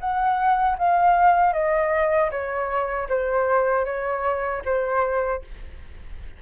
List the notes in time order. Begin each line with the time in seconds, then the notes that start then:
0.00 F#5
0.78 F5
1.53 D#5
2.31 C#5
3.09 C5
3.85 C#5
4.65 C5